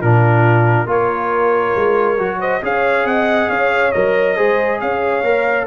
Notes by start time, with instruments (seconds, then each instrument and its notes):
0.00 tuba A#2, trombone D4, horn F4, trumpet A#4
0.86 tuba A#3, trombone F4, horn A#4, trumpet C#5
1.75 tuba G#3
2.18 tuba F#3, trombone F#4
2.39 horn C5, trumpet D#5
2.62 tuba C#4, trombone G#4, horn C#5, trumpet F5
3.04 tuba C4, horn D#5, trumpet F#5
3.49 tuba C#4, horn C#5, trumpet F5
3.92 tuba F#3, trombone A#4, trumpet D#5
4.36 tuba G#3, trombone G#4, horn C5
4.80 tuba C#4, horn C#5, trumpet F5
5.23 tuba A#3, trombone A#4